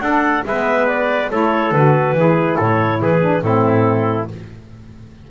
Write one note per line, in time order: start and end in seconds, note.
0.00 0.43 D4
0.00 0.44 D4
0.00 0.46 A4
0.00 0.43 F#5
0.45 1.30 G#3
0.45 1.31 B3
0.45 1.31 B4
0.45 0.87 E5
0.87 1.30 D5
1.31 1.71 A3
1.31 1.74 E4
1.31 2.16 A4
1.31 1.73 C#5
1.71 2.13 D3
1.71 2.17 F#4
1.71 2.58 B4
2.13 2.55 E3
2.13 3.20 E4
2.20 2.57 G#4
2.57 3.01 A2
2.57 2.99 A4
2.57 3.01 C#5
3.01 3.41 E3
3.01 3.44 G#4
3.01 3.43 B4
3.20 3.42 D4
3.41 4.27 A2
3.41 4.27 C4
3.41 4.31 E4
3.41 4.28 A4